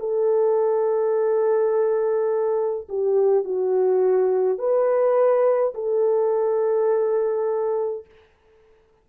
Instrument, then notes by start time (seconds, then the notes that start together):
horn
0.00 A4
2.90 G4
3.45 F#4
4.59 B4
5.75 A4